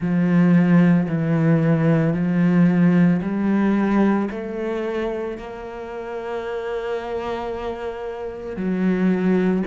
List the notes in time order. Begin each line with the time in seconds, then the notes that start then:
0.00 F3
1.08 E3
2.13 F3
3.21 G3
4.31 A3
5.37 A#3
8.56 F#3